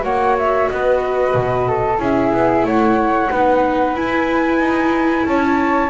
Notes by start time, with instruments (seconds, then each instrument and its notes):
0.00 double bass A#3, viola F#4, flute C#5 F#5
0.38 flute E5
0.68 double bass B3, flute B4 D#5
1.34 double bass B2
1.68 flute A4
1.98 double bass C#4, viola E4, flute G#4 E5
2.32 double bass B3
2.63 double bass A3, flute C#5 F#5
3.30 double bass B3, viola D#4, flute B4
3.94 double bass E4, viola E4, flute G#5
4.59 double bass D#4
5.25 double bass C#4, flute C#5 A5